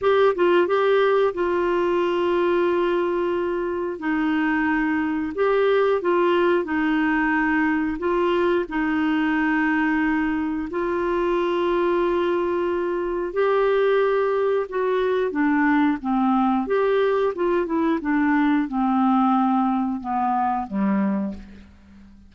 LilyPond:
\new Staff \with { instrumentName = "clarinet" } { \time 4/4 \tempo 4 = 90 g'8 f'8 g'4 f'2~ | f'2 dis'2 | g'4 f'4 dis'2 | f'4 dis'2. |
f'1 | g'2 fis'4 d'4 | c'4 g'4 f'8 e'8 d'4 | c'2 b4 g4 | }